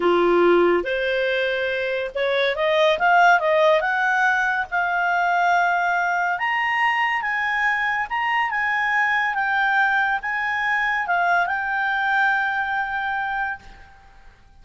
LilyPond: \new Staff \with { instrumentName = "clarinet" } { \time 4/4 \tempo 4 = 141 f'2 c''2~ | c''4 cis''4 dis''4 f''4 | dis''4 fis''2 f''4~ | f''2. ais''4~ |
ais''4 gis''2 ais''4 | gis''2 g''2 | gis''2 f''4 g''4~ | g''1 | }